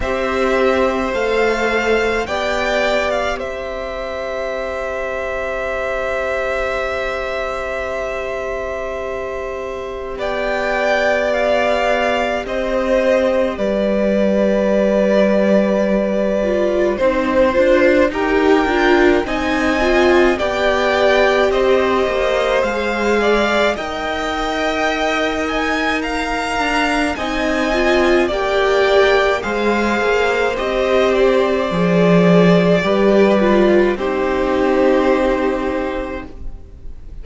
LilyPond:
<<
  \new Staff \with { instrumentName = "violin" } { \time 4/4 \tempo 4 = 53 e''4 f''4 g''8. f''16 e''4~ | e''1~ | e''4 g''4 f''4 dis''4 | d''2. c''4 |
g''4 gis''4 g''4 dis''4 | f''4 g''4. gis''8 ais''4 | gis''4 g''4 f''4 dis''8 d''8~ | d''2 c''2 | }
  \new Staff \with { instrumentName = "violin" } { \time 4/4 c''2 d''4 c''4~ | c''1~ | c''4 d''2 c''4 | b'2. c''4 |
ais'4 dis''4 d''4 c''4~ | c''8 d''8 dis''2 f''4 | dis''4 d''4 c''2~ | c''4 b'4 g'2 | }
  \new Staff \with { instrumentName = "viola" } { \time 4/4 g'4 a'4 g'2~ | g'1~ | g'1~ | g'2~ g'8 f'8 dis'8 f'8 |
g'8 f'8 dis'8 f'8 g'2 | gis'4 ais'2. | dis'8 f'8 g'4 gis'4 g'4 | gis'4 g'8 f'8 dis'2 | }
  \new Staff \with { instrumentName = "cello" } { \time 4/4 c'4 a4 b4 c'4~ | c'1~ | c'4 b2 c'4 | g2. c'8 d'8 |
dis'8 d'8 c'4 b4 c'8 ais8 | gis4 dis'2~ dis'8 d'8 | c'4 ais4 gis8 ais8 c'4 | f4 g4 c'2 | }
>>